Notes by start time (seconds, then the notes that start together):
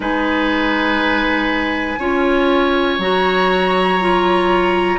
0.00 G#3 D#4 B4 G#5
1.99 C#4 F4 C#5
2.98 F#3 F#4 A#5
4.00 F4